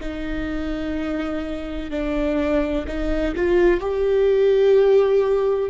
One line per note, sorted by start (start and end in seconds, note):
0.00 1.90 D#4
1.90 2.85 D4
2.87 3.35 D#4
3.35 3.80 F4
3.80 5.70 G4